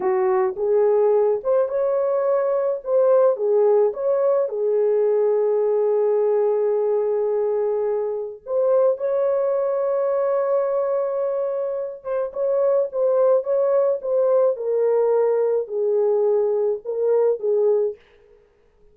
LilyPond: \new Staff \with { instrumentName = "horn" } { \time 4/4 \tempo 4 = 107 fis'4 gis'4. c''8 cis''4~ | cis''4 c''4 gis'4 cis''4 | gis'1~ | gis'2. c''4 |
cis''1~ | cis''4. c''8 cis''4 c''4 | cis''4 c''4 ais'2 | gis'2 ais'4 gis'4 | }